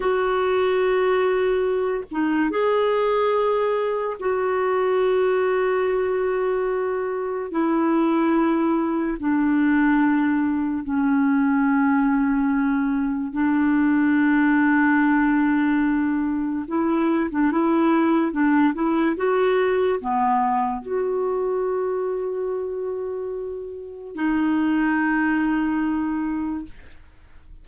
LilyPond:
\new Staff \with { instrumentName = "clarinet" } { \time 4/4 \tempo 4 = 72 fis'2~ fis'8 dis'8 gis'4~ | gis'4 fis'2.~ | fis'4 e'2 d'4~ | d'4 cis'2. |
d'1 | e'8. d'16 e'4 d'8 e'8 fis'4 | b4 fis'2.~ | fis'4 dis'2. | }